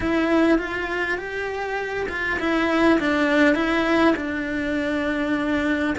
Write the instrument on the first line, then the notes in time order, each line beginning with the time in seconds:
cello
0.00 E4
0.58 F4
1.17 G4
2.08 F4
2.39 E4
2.99 D4
3.55 E4
4.16 D4